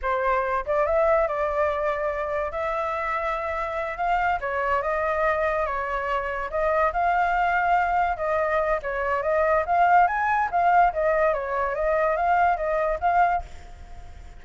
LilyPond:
\new Staff \with { instrumentName = "flute" } { \time 4/4 \tempo 4 = 143 c''4. d''8 e''4 d''4~ | d''2 e''2~ | e''4. f''4 cis''4 dis''8~ | dis''4. cis''2 dis''8~ |
dis''8 f''2. dis''8~ | dis''4 cis''4 dis''4 f''4 | gis''4 f''4 dis''4 cis''4 | dis''4 f''4 dis''4 f''4 | }